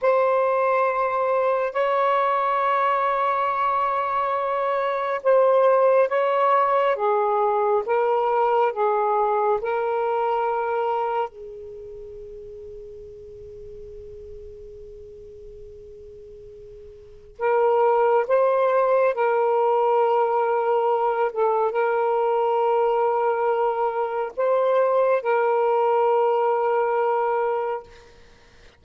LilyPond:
\new Staff \with { instrumentName = "saxophone" } { \time 4/4 \tempo 4 = 69 c''2 cis''2~ | cis''2 c''4 cis''4 | gis'4 ais'4 gis'4 ais'4~ | ais'4 gis'2.~ |
gis'1 | ais'4 c''4 ais'2~ | ais'8 a'8 ais'2. | c''4 ais'2. | }